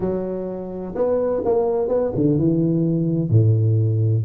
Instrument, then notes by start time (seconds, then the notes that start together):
tuba
0.00 F#3
0.95 B3
1.45 A#3
1.88 B3
2.15 D3
2.38 E3
3.30 A2